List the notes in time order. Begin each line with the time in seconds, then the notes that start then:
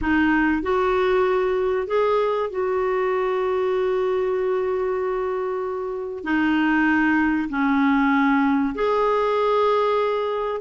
0.01 D#4
0.62 F#4
1.87 G#4
2.49 F#4
6.23 D#4
7.49 C#4
8.74 G#4